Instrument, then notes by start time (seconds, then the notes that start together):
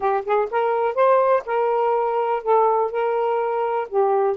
saxophone
0.00 G4
0.24 G#4
0.50 A#4
0.94 C5
1.46 A#4
2.42 A4
2.91 A#4
3.88 G4